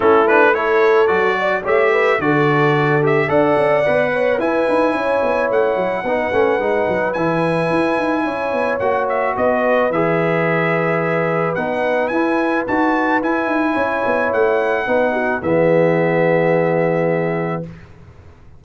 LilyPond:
<<
  \new Staff \with { instrumentName = "trumpet" } { \time 4/4 \tempo 4 = 109 a'8 b'8 cis''4 d''4 e''4 | d''4. e''8 fis''2 | gis''2 fis''2~ | fis''4 gis''2. |
fis''8 e''8 dis''4 e''2~ | e''4 fis''4 gis''4 a''4 | gis''2 fis''2 | e''1 | }
  \new Staff \with { instrumentName = "horn" } { \time 4/4 e'4 a'4. d''8 cis''8 b'8 | a'2 d''4. cis''8 | b'4 cis''2 b'4~ | b'2. cis''4~ |
cis''4 b'2.~ | b'1~ | b'4 cis''2 b'8 fis'8 | gis'1 | }
  \new Staff \with { instrumentName = "trombone" } { \time 4/4 cis'8 d'8 e'4 fis'4 g'4 | fis'4. g'8 a'4 b'4 | e'2. dis'8 cis'8 | dis'4 e'2. |
fis'2 gis'2~ | gis'4 dis'4 e'4 fis'4 | e'2. dis'4 | b1 | }
  \new Staff \with { instrumentName = "tuba" } { \time 4/4 a2 fis4 a4 | d2 d'8 cis'8 b4 | e'8 dis'8 cis'8 b8 a8 fis8 b8 a8 | gis8 fis8 e4 e'8 dis'8 cis'8 b8 |
ais4 b4 e2~ | e4 b4 e'4 dis'4 | e'8 dis'8 cis'8 b8 a4 b4 | e1 | }
>>